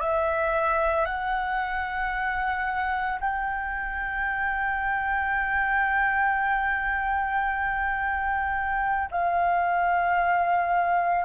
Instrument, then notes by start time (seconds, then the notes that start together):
flute
0.00 E5
1.05 F#5
3.20 G5
9.11 F5